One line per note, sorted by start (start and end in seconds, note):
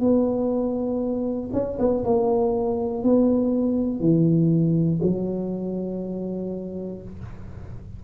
0.00 1.50 B3
1.53 1.78 C#4
1.79 2.04 B3
2.04 3.03 A#3
3.03 4.00 B3
4.00 5.00 E3
5.02 7.02 F#3